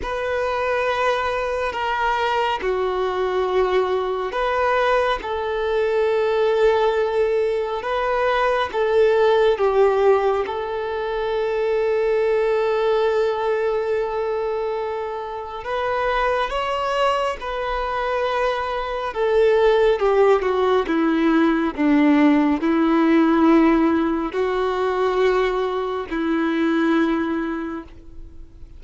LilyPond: \new Staff \with { instrumentName = "violin" } { \time 4/4 \tempo 4 = 69 b'2 ais'4 fis'4~ | fis'4 b'4 a'2~ | a'4 b'4 a'4 g'4 | a'1~ |
a'2 b'4 cis''4 | b'2 a'4 g'8 fis'8 | e'4 d'4 e'2 | fis'2 e'2 | }